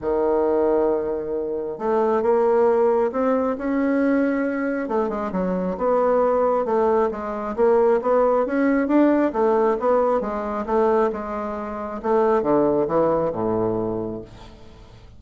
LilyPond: \new Staff \with { instrumentName = "bassoon" } { \time 4/4 \tempo 4 = 135 dis1 | a4 ais2 c'4 | cis'2. a8 gis8 | fis4 b2 a4 |
gis4 ais4 b4 cis'4 | d'4 a4 b4 gis4 | a4 gis2 a4 | d4 e4 a,2 | }